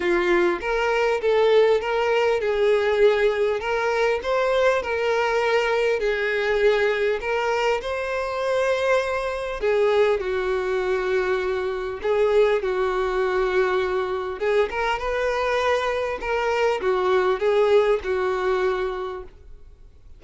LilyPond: \new Staff \with { instrumentName = "violin" } { \time 4/4 \tempo 4 = 100 f'4 ais'4 a'4 ais'4 | gis'2 ais'4 c''4 | ais'2 gis'2 | ais'4 c''2. |
gis'4 fis'2. | gis'4 fis'2. | gis'8 ais'8 b'2 ais'4 | fis'4 gis'4 fis'2 | }